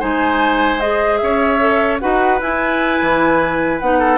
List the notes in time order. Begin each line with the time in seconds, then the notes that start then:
0.00 G#3 D#4 C5 G#5
0.80 G#4 D#5
1.18 C#4 C#5 E5
1.60 A4
2.00 D#4 F#4 B4 F#5
2.41 E4 G#5
3.02 E3
3.80 B3 D#4 F#5
3.99 A4